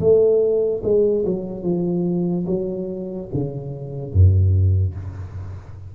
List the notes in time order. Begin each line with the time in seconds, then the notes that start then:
0.00 A3
0.84 G#3
1.26 F#3
1.63 F3
2.47 F#3
3.34 C#3
4.13 F#2